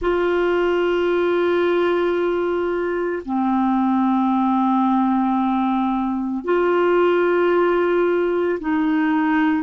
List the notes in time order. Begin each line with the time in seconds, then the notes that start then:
0.01 F4
3.25 C4
6.44 F4
8.60 D#4